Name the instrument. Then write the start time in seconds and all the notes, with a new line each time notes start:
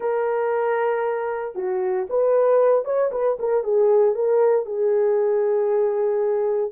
horn
0.00 A#4
1.55 F#4
2.09 B4
2.84 C#5
3.11 B4
3.39 A#4
3.63 G#4
4.14 A#4
4.65 G#4